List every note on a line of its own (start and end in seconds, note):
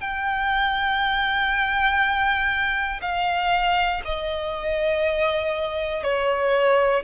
0.00 3.00 G5
3.01 4.01 F5
4.05 6.03 D#5
6.03 7.03 C#5